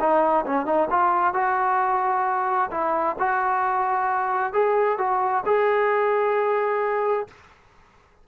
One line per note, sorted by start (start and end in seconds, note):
0.00 0.45 D#4
0.46 0.66 C#4
0.66 0.89 D#4
0.90 1.34 F4
1.34 2.71 F#4
2.71 3.17 E4
3.19 4.53 F#4
4.53 4.99 G#4
4.99 5.44 F#4
5.46 7.28 G#4